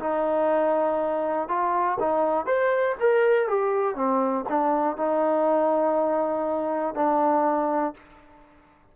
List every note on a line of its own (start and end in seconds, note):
0.00 1.49 D#4
1.49 1.99 F4
2.00 2.47 D#4
2.47 2.96 C5
3.01 3.49 A#4
3.49 3.96 G4
3.96 4.45 C4
4.49 4.97 D4
4.97 6.95 D#4
6.95 7.94 D4